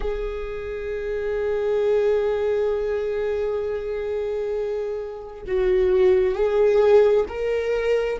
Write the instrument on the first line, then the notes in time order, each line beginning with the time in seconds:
viola
0.00 G#4
5.47 F#4
6.34 G#4
7.28 A#4